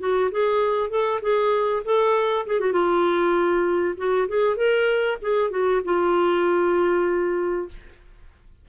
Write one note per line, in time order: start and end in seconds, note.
0.00 0.31 F#4
0.32 0.90 G#4
0.90 1.21 A4
1.22 1.83 G#4
1.85 2.46 A4
2.47 2.60 G#4
2.60 2.72 F#4
2.72 3.95 F4
3.98 4.28 F#4
4.29 4.57 G#4
4.57 5.18 A#4
5.22 5.51 G#4
5.51 5.81 F#4
5.85 7.69 F4